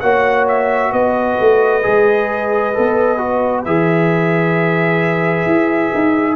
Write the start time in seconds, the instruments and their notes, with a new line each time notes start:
0.00 tuba A#3, trombone F#4, horn C#5, trumpet F#5
0.48 trumpet E5
0.91 tuba B3, horn B4, trumpet D#5
1.40 tuba A3
1.82 tuba G#3, trombone G#4
2.73 tuba B3, trombone A4
3.18 trombone F#4
3.65 tuba E3, trombone G#4, trumpet E5
5.46 tuba E4
5.94 tuba D#4